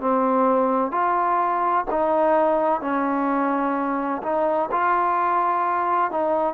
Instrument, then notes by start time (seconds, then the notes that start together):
trombone
0.00 C4
0.91 F4
1.90 D#4
2.81 C#4
4.22 D#4
4.71 F4
6.11 D#4